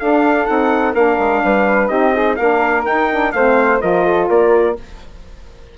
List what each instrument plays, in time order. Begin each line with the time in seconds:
0.00 saxophone D4, bassoon D4, flute A4, trumpet F5
0.46 bassoon C4, saxophone D#4, trumpet F#5
0.93 bassoon A#3, saxophone D4, flute A#4, trumpet F5
1.19 bassoon G#3
1.44 bassoon G3, flute B4
1.88 bassoon C4, saxophone D#4, flute G4, trumpet D#5
2.13 flute D#4, saxophone G#4
2.36 bassoon A#3, saxophone D4, flute A#4, trumpet F5
2.85 saxophone D#4, bassoon D#4, trumpet G5
3.11 saxophone D4
3.33 bassoon A3, saxophone C4, flute C5, trumpet F5
3.81 bassoon F3, saxophone F4, flute A#4, trumpet D#5
4.06 flute A4
4.28 bassoon A#3, flute A#4, trumpet D5